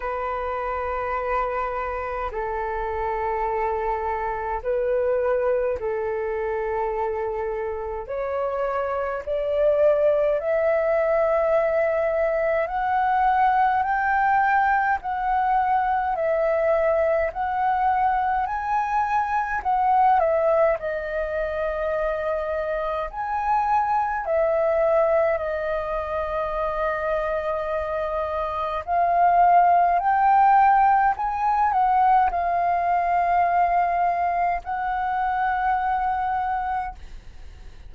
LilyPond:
\new Staff \with { instrumentName = "flute" } { \time 4/4 \tempo 4 = 52 b'2 a'2 | b'4 a'2 cis''4 | d''4 e''2 fis''4 | g''4 fis''4 e''4 fis''4 |
gis''4 fis''8 e''8 dis''2 | gis''4 e''4 dis''2~ | dis''4 f''4 g''4 gis''8 fis''8 | f''2 fis''2 | }